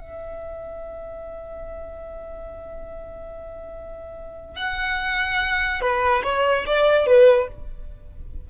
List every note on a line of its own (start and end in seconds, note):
0.00 4.56 E5
4.56 5.81 F#5
5.81 6.23 B4
6.23 6.65 C#5
6.66 7.06 D5
7.06 7.48 B4